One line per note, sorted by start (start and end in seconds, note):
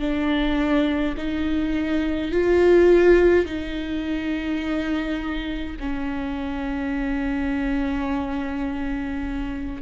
0.00 1.15 D4
1.17 2.32 D#4
2.32 3.46 F4
3.46 5.77 D#4
5.80 9.82 C#4